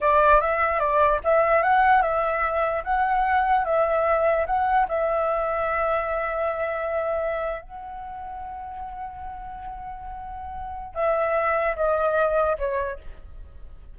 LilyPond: \new Staff \with { instrumentName = "flute" } { \time 4/4 \tempo 4 = 148 d''4 e''4 d''4 e''4 | fis''4 e''2 fis''4~ | fis''4 e''2 fis''4 | e''1~ |
e''2~ e''8. fis''4~ fis''16~ | fis''1~ | fis''2. e''4~ | e''4 dis''2 cis''4 | }